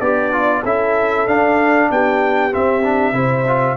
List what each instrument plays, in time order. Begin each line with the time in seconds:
0.00 tuba B3, horn D4, trombone G4, trumpet D5
0.32 trombone F4
0.63 tuba C#4, trombone E4, horn A4, trumpet E5
1.27 tuba D4, trombone D4, trumpet F5
1.91 tuba B3, horn G4, trumpet G5
2.51 trombone C4, tuba C4, trumpet E5
2.83 trombone D4
3.12 tuba C3, trombone E4, horn C5
3.46 trombone F4